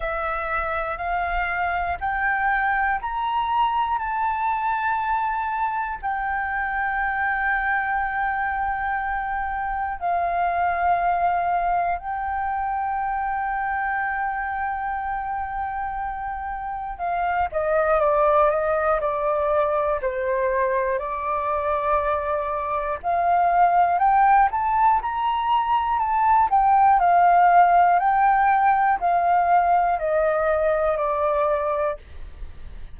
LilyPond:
\new Staff \with { instrumentName = "flute" } { \time 4/4 \tempo 4 = 60 e''4 f''4 g''4 ais''4 | a''2 g''2~ | g''2 f''2 | g''1~ |
g''4 f''8 dis''8 d''8 dis''8 d''4 | c''4 d''2 f''4 | g''8 a''8 ais''4 a''8 g''8 f''4 | g''4 f''4 dis''4 d''4 | }